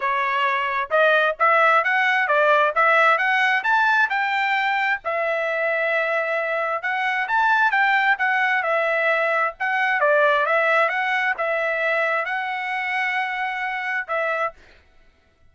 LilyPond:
\new Staff \with { instrumentName = "trumpet" } { \time 4/4 \tempo 4 = 132 cis''2 dis''4 e''4 | fis''4 d''4 e''4 fis''4 | a''4 g''2 e''4~ | e''2. fis''4 |
a''4 g''4 fis''4 e''4~ | e''4 fis''4 d''4 e''4 | fis''4 e''2 fis''4~ | fis''2. e''4 | }